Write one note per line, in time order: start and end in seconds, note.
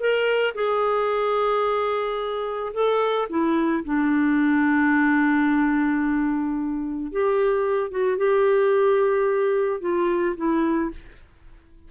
0.00 0.55 A#4
0.55 2.73 G#4
2.74 3.29 A4
3.30 3.84 E4
3.85 7.12 D4
7.12 7.91 G4
7.91 8.18 F#4
8.18 9.81 G4
9.81 10.36 F4
10.37 10.91 E4